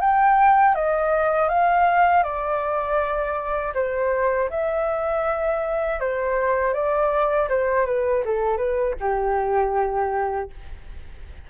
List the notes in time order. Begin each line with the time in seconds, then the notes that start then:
0.00 G5
0.74 D#5
1.48 F5
2.23 D5
3.74 C5
4.49 E5
6.00 C5
6.73 D5
7.49 C5
7.85 B4
8.24 A4
8.57 B4
9.00 G4